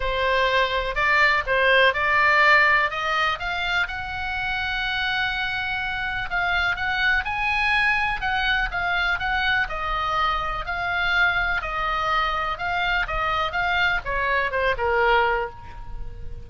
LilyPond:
\new Staff \with { instrumentName = "oboe" } { \time 4/4 \tempo 4 = 124 c''2 d''4 c''4 | d''2 dis''4 f''4 | fis''1~ | fis''4 f''4 fis''4 gis''4~ |
gis''4 fis''4 f''4 fis''4 | dis''2 f''2 | dis''2 f''4 dis''4 | f''4 cis''4 c''8 ais'4. | }